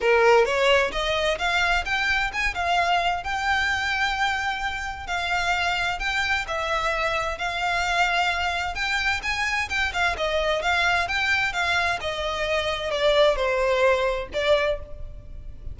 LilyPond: \new Staff \with { instrumentName = "violin" } { \time 4/4 \tempo 4 = 130 ais'4 cis''4 dis''4 f''4 | g''4 gis''8 f''4. g''4~ | g''2. f''4~ | f''4 g''4 e''2 |
f''2. g''4 | gis''4 g''8 f''8 dis''4 f''4 | g''4 f''4 dis''2 | d''4 c''2 d''4 | }